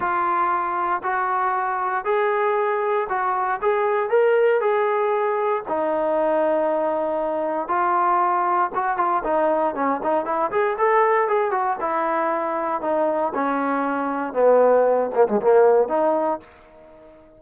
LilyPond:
\new Staff \with { instrumentName = "trombone" } { \time 4/4 \tempo 4 = 117 f'2 fis'2 | gis'2 fis'4 gis'4 | ais'4 gis'2 dis'4~ | dis'2. f'4~ |
f'4 fis'8 f'8 dis'4 cis'8 dis'8 | e'8 gis'8 a'4 gis'8 fis'8 e'4~ | e'4 dis'4 cis'2 | b4. ais16 gis16 ais4 dis'4 | }